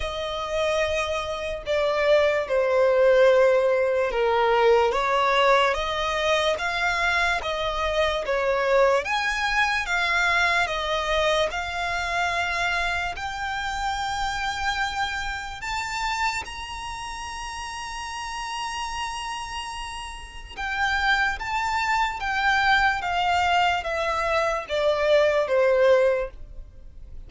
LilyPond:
\new Staff \with { instrumentName = "violin" } { \time 4/4 \tempo 4 = 73 dis''2 d''4 c''4~ | c''4 ais'4 cis''4 dis''4 | f''4 dis''4 cis''4 gis''4 | f''4 dis''4 f''2 |
g''2. a''4 | ais''1~ | ais''4 g''4 a''4 g''4 | f''4 e''4 d''4 c''4 | }